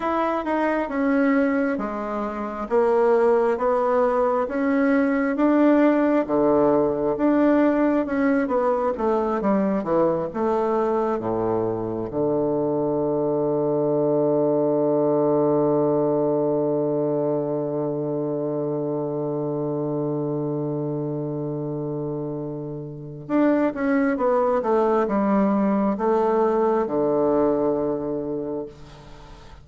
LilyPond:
\new Staff \with { instrumentName = "bassoon" } { \time 4/4 \tempo 4 = 67 e'8 dis'8 cis'4 gis4 ais4 | b4 cis'4 d'4 d4 | d'4 cis'8 b8 a8 g8 e8 a8~ | a8 a,4 d2~ d8~ |
d1~ | d1~ | d2 d'8 cis'8 b8 a8 | g4 a4 d2 | }